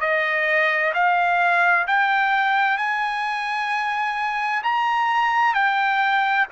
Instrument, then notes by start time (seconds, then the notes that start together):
trumpet
0.00 D#5
0.94 F5
1.87 G5
2.77 G#5
4.63 A#5
5.54 G5